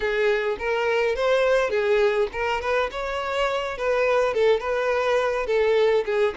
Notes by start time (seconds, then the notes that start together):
0.00 G#4
0.58 A#4
1.15 C5
1.70 G#4
2.32 A#4
2.61 B4
2.91 C#5
3.77 B4
4.33 A4
4.60 B4
5.46 A4
6.05 G#4